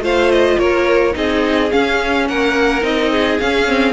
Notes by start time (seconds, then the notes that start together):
0.00 A3 F4 C5 F5
0.31 D#5
0.57 A#3 A#4 C#5
1.12 C4 D#4 G#4 D#5
1.71 C#4 F5
2.27 A#3 A#4 F#5
2.81 C4 D#4 D#5
3.11 G#4
3.38 C#4 F5
3.67 C4